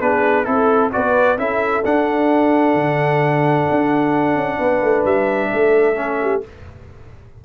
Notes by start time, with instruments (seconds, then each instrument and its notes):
0.00 tuba B3, trombone D4, horn G#4, trumpet B4
0.44 tuba C4, trombone E4, trumpet A4, horn A4
0.92 tuba B3, trombone F#4, horn B4, trumpet D5
1.37 tuba C#4, trombone E4, horn A4, trumpet E5
1.84 tuba D4, trombone D4, trumpet F#5
2.74 tuba D3
3.70 tuba D4
4.35 tuba C#4
4.59 tuba B3, horn B4
4.82 tuba A3
5.04 tuba G3, trumpet E5
5.51 tuba A3, horn A4
5.95 trombone C#4
6.22 horn G4